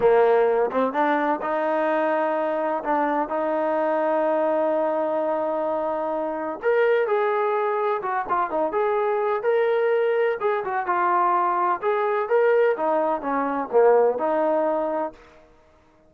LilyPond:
\new Staff \with { instrumentName = "trombone" } { \time 4/4 \tempo 4 = 127 ais4. c'8 d'4 dis'4~ | dis'2 d'4 dis'4~ | dis'1~ | dis'2 ais'4 gis'4~ |
gis'4 fis'8 f'8 dis'8 gis'4. | ais'2 gis'8 fis'8 f'4~ | f'4 gis'4 ais'4 dis'4 | cis'4 ais4 dis'2 | }